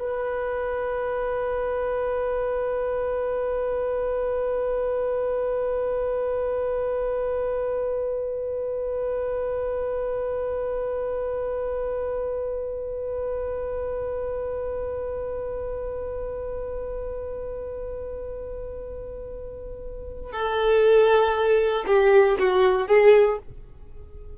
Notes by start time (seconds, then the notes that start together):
0.00 B4
20.33 A4
21.87 G4
22.40 F#4
22.88 G#4